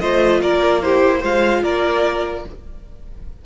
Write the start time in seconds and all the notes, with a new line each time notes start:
0.00 A3 F4 C5 D#5
0.42 A#3 A#4 D5
0.82 E4 G4 C5
1.20 G#3 F4 C5 F5
1.63 A#3 A#4 D5